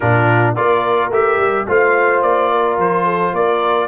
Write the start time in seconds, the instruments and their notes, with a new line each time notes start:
0.00 tuba A#2, trombone D4, horn F4, trumpet A#4
0.55 tuba A#3, trombone F4, horn A#4, trumpet D5
1.09 tuba A3, trombone G4, trumpet E5
1.37 tuba G3
1.67 tuba A3, trombone F4, horn C5, trumpet F5
2.22 tuba A#3, trumpet D5
2.51 horn A#4
2.77 tuba F3, trumpet C5
3.04 horn A4
3.32 tuba A#3, horn A#4, trumpet D5